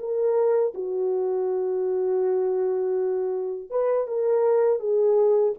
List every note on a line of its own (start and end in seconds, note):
0.00 0.74 A#4
0.75 3.71 F#4
3.71 4.08 B4
4.08 4.80 A#4
4.80 5.54 G#4